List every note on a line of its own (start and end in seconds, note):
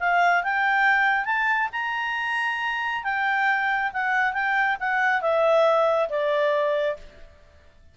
0.00 0.44 F5
0.44 1.25 G5
1.25 1.69 A5
1.73 3.04 A#5
3.04 3.92 G5
3.93 4.33 F#5
4.33 4.77 G5
4.80 5.22 F#5
5.22 6.09 E5
6.10 6.97 D5